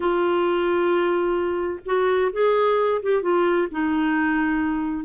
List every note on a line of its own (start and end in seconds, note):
0.00 1.80 F4
1.85 2.31 F#4
2.32 3.01 G#4
3.02 3.22 G4
3.22 3.68 F4
3.71 5.04 D#4